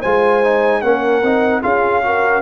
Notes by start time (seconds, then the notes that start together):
0.00 G#3 F4 C5 G#5
0.43 D#4
0.82 A#3 C#4 A#4 F#5
1.23 C4 D#4
1.62 C#4 F4 G#4 F5
2.03 F#4 A#4